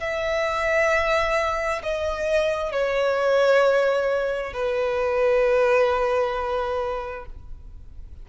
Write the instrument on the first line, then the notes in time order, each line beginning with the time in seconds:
violin
0.00 E5
1.82 D#5
2.71 C#5
4.53 B4